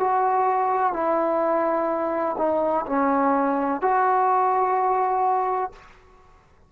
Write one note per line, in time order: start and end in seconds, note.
0.00 0.93 F#4
0.93 2.36 E4
2.38 2.86 D#4
2.87 3.82 C#4
3.82 5.72 F#4